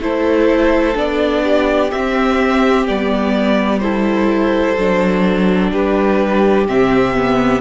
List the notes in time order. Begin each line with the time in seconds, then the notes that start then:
0.00 A3 E4 A4 C5
0.95 B3 D4 D5
1.43 G4
1.91 C4 E5
2.87 G3 B3 D5
3.80 E4 A4 C5
4.77 F#3 D4
5.72 G3 G4 B4
6.68 C3 C4 E5
7.15 B3